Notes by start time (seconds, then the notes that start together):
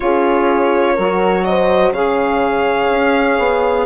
0.00 C#4 F4 G#4 C#5
0.94 F#3 F#4 A#4
1.44 C5 D#5
1.92 C#3 G#4 C#5 F5
2.90 C#4
3.38 B3